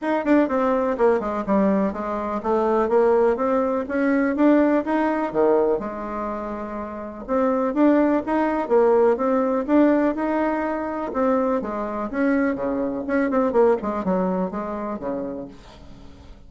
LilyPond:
\new Staff \with { instrumentName = "bassoon" } { \time 4/4 \tempo 4 = 124 dis'8 d'8 c'4 ais8 gis8 g4 | gis4 a4 ais4 c'4 | cis'4 d'4 dis'4 dis4 | gis2. c'4 |
d'4 dis'4 ais4 c'4 | d'4 dis'2 c'4 | gis4 cis'4 cis4 cis'8 c'8 | ais8 gis8 fis4 gis4 cis4 | }